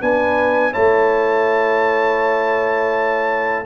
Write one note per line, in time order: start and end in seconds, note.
0.00 0.74 B3
0.00 0.72 D4
0.00 0.72 B4
0.00 0.73 G#5
0.72 3.66 A3
0.72 3.65 E4
0.72 3.64 C#5
0.72 3.66 A5